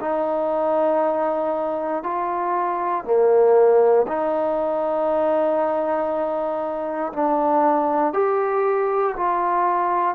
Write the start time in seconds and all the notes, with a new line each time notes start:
0.00 D#4
2.03 F4
3.04 A#3
4.07 D#4
7.12 D4
8.13 G4
9.16 F4